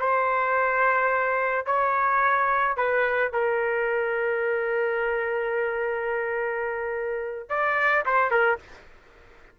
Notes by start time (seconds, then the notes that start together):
0.00 C5
1.66 C#5
2.77 B4
3.33 A#4
7.50 D5
8.06 C5
8.31 A#4